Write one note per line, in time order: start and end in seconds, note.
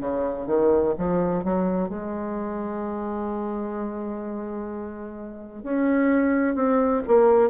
0.00 0.46 C#3
0.46 0.93 D#3
0.98 1.44 F3
1.44 1.88 F#3
1.88 5.63 G#3
5.63 6.55 C#4
6.55 7.02 C4
7.07 7.50 A#3